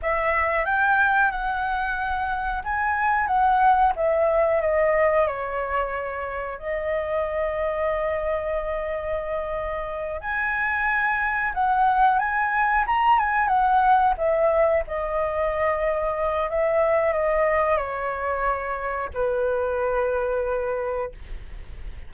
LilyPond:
\new Staff \with { instrumentName = "flute" } { \time 4/4 \tempo 4 = 91 e''4 g''4 fis''2 | gis''4 fis''4 e''4 dis''4 | cis''2 dis''2~ | dis''2.~ dis''8 gis''8~ |
gis''4. fis''4 gis''4 ais''8 | gis''8 fis''4 e''4 dis''4.~ | dis''4 e''4 dis''4 cis''4~ | cis''4 b'2. | }